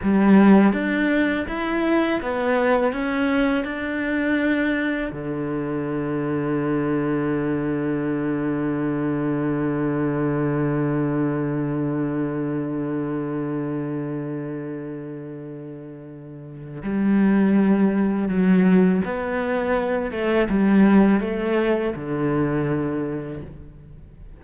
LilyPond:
\new Staff \with { instrumentName = "cello" } { \time 4/4 \tempo 4 = 82 g4 d'4 e'4 b4 | cis'4 d'2 d4~ | d1~ | d1~ |
d1~ | d2. g4~ | g4 fis4 b4. a8 | g4 a4 d2 | }